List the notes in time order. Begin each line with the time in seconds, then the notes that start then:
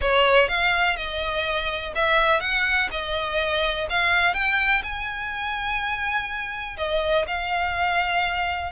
0.01 C#5
0.48 F5
0.96 D#5
1.95 E5
2.40 F#5
2.91 D#5
3.89 F5
4.34 G5
4.83 G#5
6.77 D#5
7.27 F5